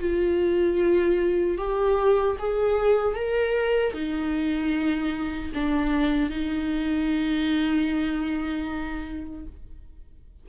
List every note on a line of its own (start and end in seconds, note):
0.00 1.58 F4
1.58 2.37 G4
2.39 3.15 G#4
3.15 3.93 A#4
3.93 5.51 D#4
5.54 6.30 D4
6.30 9.46 D#4